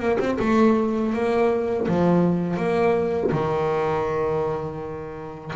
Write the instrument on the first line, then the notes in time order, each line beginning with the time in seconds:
double bass
0.00 A#3
0.20 C4
0.40 A3
1.14 A#3
1.88 F3
2.57 A#3
3.32 D#3